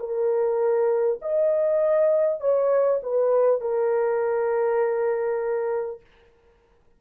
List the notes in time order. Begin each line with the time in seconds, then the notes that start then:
0.00 A#4
1.22 D#5
2.41 C#5
3.03 B4
3.61 A#4